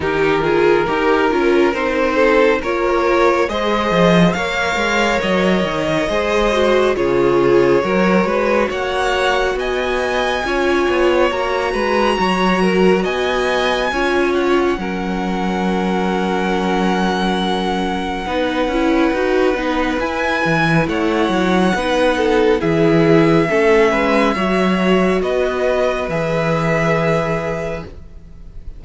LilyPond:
<<
  \new Staff \with { instrumentName = "violin" } { \time 4/4 \tempo 4 = 69 ais'2 c''4 cis''4 | dis''4 f''4 dis''2 | cis''2 fis''4 gis''4~ | gis''4 ais''2 gis''4~ |
gis''8 fis''2.~ fis''8~ | fis''2. gis''4 | fis''2 e''2~ | e''4 dis''4 e''2 | }
  \new Staff \with { instrumentName = "violin" } { \time 4/4 g'8 gis'8 ais'4. a'8 ais'4 | c''4 cis''2 c''4 | gis'4 ais'8 b'8 cis''4 dis''4 | cis''4. b'8 cis''8 ais'8 dis''4 |
cis''4 ais'2.~ | ais'4 b'2. | cis''4 b'8 a'8 gis'4 a'8 b'8 | cis''4 b'2. | }
  \new Staff \with { instrumentName = "viola" } { \time 4/4 dis'8 f'8 g'8 f'8 dis'4 f'4 | gis'4 ais'2 gis'8 fis'8 | f'4 fis'2. | f'4 fis'2. |
f'4 cis'2.~ | cis'4 dis'8 e'8 fis'8 dis'8 e'4~ | e'4 dis'4 e'4 cis'4 | fis'2 gis'2 | }
  \new Staff \with { instrumentName = "cello" } { \time 4/4 dis4 dis'8 cis'8 c'4 ais4 | gis8 f8 ais8 gis8 fis8 dis8 gis4 | cis4 fis8 gis8 ais4 b4 | cis'8 b8 ais8 gis8 fis4 b4 |
cis'4 fis2.~ | fis4 b8 cis'8 dis'8 b8 e'8 e8 | a8 fis8 b4 e4 a8 gis8 | fis4 b4 e2 | }
>>